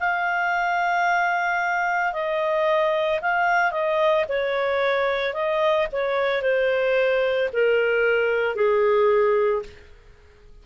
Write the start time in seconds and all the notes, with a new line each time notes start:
0.00 F5
2.13 D#5
3.22 F5
3.72 D#5
4.29 C#5
5.34 D#5
5.92 C#5
6.42 C5
7.53 A#4
8.56 G#4